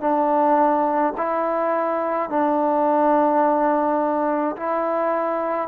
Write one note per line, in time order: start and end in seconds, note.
0.00 1.13 D4
1.17 2.30 E4
2.30 4.56 D4
4.56 5.68 E4